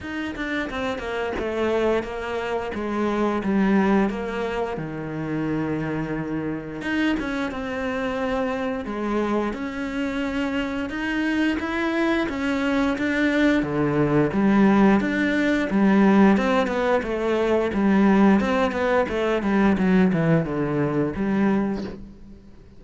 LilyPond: \new Staff \with { instrumentName = "cello" } { \time 4/4 \tempo 4 = 88 dis'8 d'8 c'8 ais8 a4 ais4 | gis4 g4 ais4 dis4~ | dis2 dis'8 cis'8 c'4~ | c'4 gis4 cis'2 |
dis'4 e'4 cis'4 d'4 | d4 g4 d'4 g4 | c'8 b8 a4 g4 c'8 b8 | a8 g8 fis8 e8 d4 g4 | }